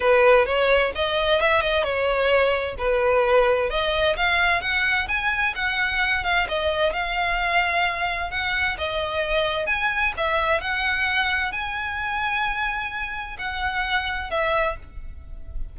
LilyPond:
\new Staff \with { instrumentName = "violin" } { \time 4/4 \tempo 4 = 130 b'4 cis''4 dis''4 e''8 dis''8 | cis''2 b'2 | dis''4 f''4 fis''4 gis''4 | fis''4. f''8 dis''4 f''4~ |
f''2 fis''4 dis''4~ | dis''4 gis''4 e''4 fis''4~ | fis''4 gis''2.~ | gis''4 fis''2 e''4 | }